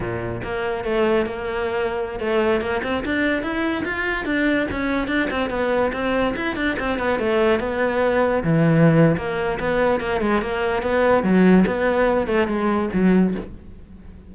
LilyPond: \new Staff \with { instrumentName = "cello" } { \time 4/4 \tempo 4 = 144 ais,4 ais4 a4 ais4~ | ais4~ ais16 a4 ais8 c'8 d'8.~ | d'16 e'4 f'4 d'4 cis'8.~ | cis'16 d'8 c'8 b4 c'4 e'8 d'16~ |
d'16 c'8 b8 a4 b4.~ b16~ | b16 e4.~ e16 ais4 b4 | ais8 gis8 ais4 b4 fis4 | b4. a8 gis4 fis4 | }